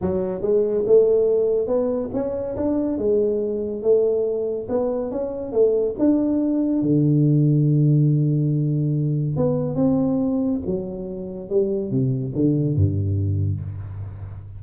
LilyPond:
\new Staff \with { instrumentName = "tuba" } { \time 4/4 \tempo 4 = 141 fis4 gis4 a2 | b4 cis'4 d'4 gis4~ | gis4 a2 b4 | cis'4 a4 d'2 |
d1~ | d2 b4 c'4~ | c'4 fis2 g4 | c4 d4 g,2 | }